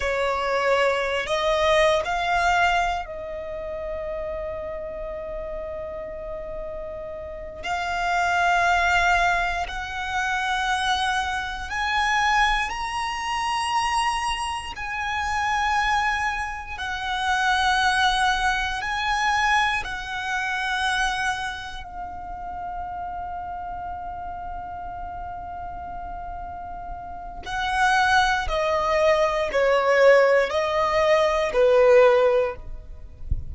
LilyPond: \new Staff \with { instrumentName = "violin" } { \time 4/4 \tempo 4 = 59 cis''4~ cis''16 dis''8. f''4 dis''4~ | dis''2.~ dis''8 f''8~ | f''4. fis''2 gis''8~ | gis''8 ais''2 gis''4.~ |
gis''8 fis''2 gis''4 fis''8~ | fis''4. f''2~ f''8~ | f''2. fis''4 | dis''4 cis''4 dis''4 b'4 | }